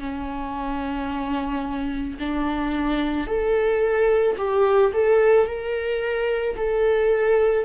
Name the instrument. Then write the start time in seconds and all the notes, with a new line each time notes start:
viola
0.00 C#4
2.20 D4
3.27 A4
4.38 G4
4.93 A4
5.47 A#4
6.57 A4